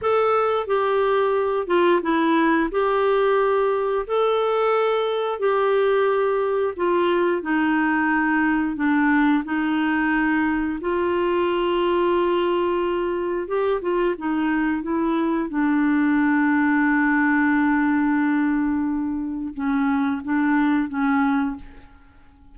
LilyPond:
\new Staff \with { instrumentName = "clarinet" } { \time 4/4 \tempo 4 = 89 a'4 g'4. f'8 e'4 | g'2 a'2 | g'2 f'4 dis'4~ | dis'4 d'4 dis'2 |
f'1 | g'8 f'8 dis'4 e'4 d'4~ | d'1~ | d'4 cis'4 d'4 cis'4 | }